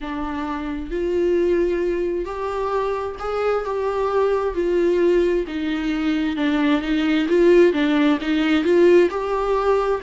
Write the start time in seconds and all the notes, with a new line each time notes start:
0.00 D4
0.90 F4
2.25 G4
3.19 G#4
3.64 G4
4.54 F4
5.47 D#4
6.36 D4
6.81 D#4
7.29 F4
7.73 D4
8.21 D#4
8.64 F4
9.10 G4